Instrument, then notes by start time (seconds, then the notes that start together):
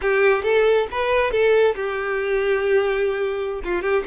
violin
0.01 G4
0.43 A4
0.91 B4
1.31 A4
1.75 G4
3.64 F4
3.81 G4